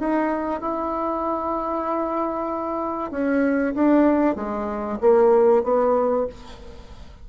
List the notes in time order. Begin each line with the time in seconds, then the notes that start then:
0.00 D#4
0.61 E4
3.11 C#4
3.75 D4
4.36 G#3
5.01 A#3
5.64 B3